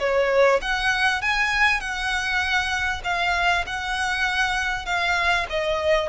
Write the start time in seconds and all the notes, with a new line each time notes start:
0.00 C#5
0.62 F#5
1.22 G#5
1.81 F#5
3.04 F5
3.67 F#5
4.86 F5
5.50 D#5